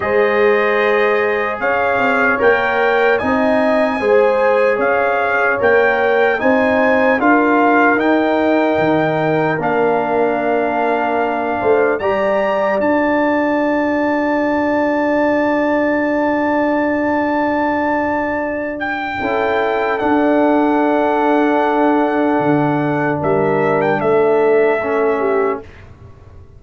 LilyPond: <<
  \new Staff \with { instrumentName = "trumpet" } { \time 4/4 \tempo 4 = 75 dis''2 f''4 g''4 | gis''2 f''4 g''4 | gis''4 f''4 g''2 | f''2. ais''4 |
a''1~ | a''2.~ a''8 g''8~ | g''4 fis''2.~ | fis''4 e''8. g''16 e''2 | }
  \new Staff \with { instrumentName = "horn" } { \time 4/4 c''2 cis''2 | dis''4 c''4 cis''2 | c''4 ais'2.~ | ais'2~ ais'8 c''8 d''4~ |
d''1~ | d''1 | a'1~ | a'4 ais'4 a'4. g'8 | }
  \new Staff \with { instrumentName = "trombone" } { \time 4/4 gis'2. ais'4 | dis'4 gis'2 ais'4 | dis'4 f'4 dis'2 | d'2. g'4 |
fis'1~ | fis'1 | e'4 d'2.~ | d'2. cis'4 | }
  \new Staff \with { instrumentName = "tuba" } { \time 4/4 gis2 cis'8 c'8 ais4 | c'4 gis4 cis'4 ais4 | c'4 d'4 dis'4 dis4 | ais2~ ais8 a8 g4 |
d'1~ | d'1 | cis'4 d'2. | d4 g4 a2 | }
>>